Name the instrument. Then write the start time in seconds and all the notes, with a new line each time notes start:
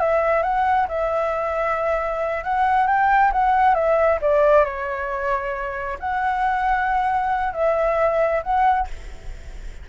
flute
0.00 E5
0.43 F#5
0.88 E5
2.44 F#5
2.87 G5
3.33 F#5
3.75 E5
4.22 D5
4.65 C#5
6.00 F#5
7.53 E5
8.43 F#5